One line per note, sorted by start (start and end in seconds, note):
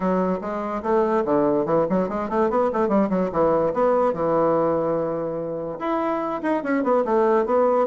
0.00 0.39 F#3
0.41 0.82 G#3
0.82 1.24 A3
1.25 1.65 D3
1.65 1.86 E3
1.89 2.08 F#3
2.08 2.29 G#3
2.29 2.50 A3
2.50 2.70 B3
2.72 2.88 A3
2.88 3.09 G3
3.09 3.30 F#3
3.32 3.73 E3
3.73 4.13 B3
4.13 5.78 E3
5.79 6.41 E4
6.42 6.63 D#4
6.63 6.83 C#4
6.83 7.04 B3
7.05 7.45 A3
7.45 7.87 B3